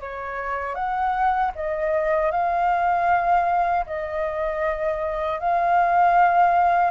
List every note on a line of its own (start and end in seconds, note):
0.00 0.74 C#5
0.74 1.51 F#5
1.55 2.31 D#5
2.31 3.85 F5
3.86 5.39 D#5
5.39 6.91 F5